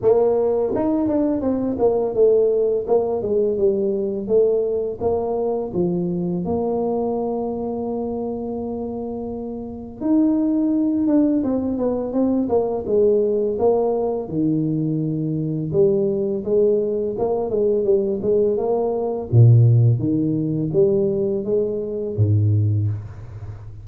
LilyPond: \new Staff \with { instrumentName = "tuba" } { \time 4/4 \tempo 4 = 84 ais4 dis'8 d'8 c'8 ais8 a4 | ais8 gis8 g4 a4 ais4 | f4 ais2.~ | ais2 dis'4. d'8 |
c'8 b8 c'8 ais8 gis4 ais4 | dis2 g4 gis4 | ais8 gis8 g8 gis8 ais4 ais,4 | dis4 g4 gis4 gis,4 | }